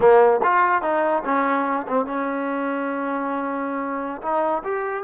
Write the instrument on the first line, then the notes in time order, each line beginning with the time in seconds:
trombone
0.00 A#3
0.43 F4
0.81 D#4
1.24 C#4
1.87 C4
2.05 C#4
4.21 D#4
4.63 G4